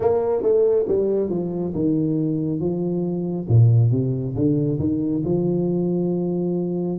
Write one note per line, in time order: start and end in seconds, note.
0.00 0.42 A#3
0.42 0.85 A3
0.88 1.29 G3
1.29 1.73 F3
1.74 2.59 D#3
2.59 3.46 F3
3.48 3.91 A#2
3.91 4.34 C3
4.35 4.78 D3
4.79 5.22 D#3
5.24 6.98 F3